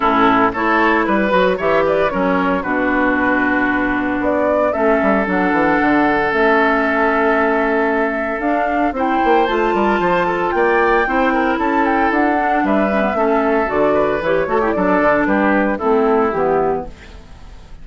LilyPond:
<<
  \new Staff \with { instrumentName = "flute" } { \time 4/4 \tempo 4 = 114 a'4 cis''4 b'4 e''8 d''8 | cis''4 b'2. | d''4 e''4 fis''2 | e''1 |
f''4 g''4 a''2 | g''2 a''8 g''8 fis''4 | e''2 d''4 cis''4 | d''4 b'4 a'4 g'4 | }
  \new Staff \with { instrumentName = "oboe" } { \time 4/4 e'4 a'4 b'4 cis''8 b'8 | ais'4 fis'2.~ | fis'4 a'2.~ | a'1~ |
a'4 c''4. ais'8 c''8 a'8 | d''4 c''8 ais'8 a'2 | b'4 a'4. b'4 a'16 g'16 | a'4 g'4 e'2 | }
  \new Staff \with { instrumentName = "clarinet" } { \time 4/4 cis'4 e'4. fis'8 g'4 | cis'4 d'2.~ | d'4 cis'4 d'2 | cis'1 |
d'4 e'4 f'2~ | f'4 e'2~ e'8 d'8~ | d'8 cis'16 b16 cis'4 fis'4 g'8 fis'16 e'16 | d'2 c'4 b4 | }
  \new Staff \with { instrumentName = "bassoon" } { \time 4/4 a,4 a4 g8 fis8 e4 | fis4 b,2. | b4 a8 g8 fis8 e8 d4 | a1 |
d'4 c'8 ais8 a8 g8 f4 | ais4 c'4 cis'4 d'4 | g4 a4 d4 e8 a8 | fis8 d8 g4 a4 e4 | }
>>